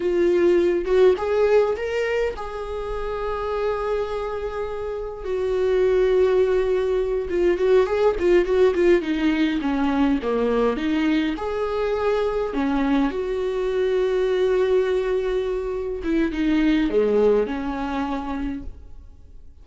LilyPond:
\new Staff \with { instrumentName = "viola" } { \time 4/4 \tempo 4 = 103 f'4. fis'8 gis'4 ais'4 | gis'1~ | gis'4 fis'2.~ | fis'8 f'8 fis'8 gis'8 f'8 fis'8 f'8 dis'8~ |
dis'8 cis'4 ais4 dis'4 gis'8~ | gis'4. cis'4 fis'4.~ | fis'2.~ fis'8 e'8 | dis'4 gis4 cis'2 | }